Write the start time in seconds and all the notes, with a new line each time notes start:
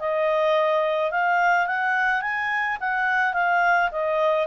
0.00 D#5
1.11 F5
1.67 F#5
2.22 G#5
2.81 F#5
3.34 F5
3.92 D#5